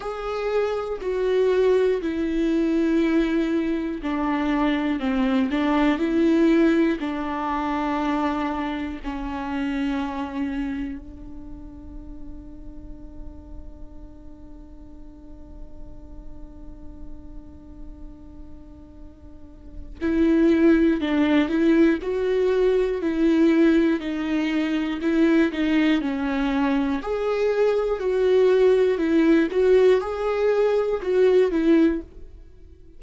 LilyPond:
\new Staff \with { instrumentName = "viola" } { \time 4/4 \tempo 4 = 60 gis'4 fis'4 e'2 | d'4 c'8 d'8 e'4 d'4~ | d'4 cis'2 d'4~ | d'1~ |
d'1 | e'4 d'8 e'8 fis'4 e'4 | dis'4 e'8 dis'8 cis'4 gis'4 | fis'4 e'8 fis'8 gis'4 fis'8 e'8 | }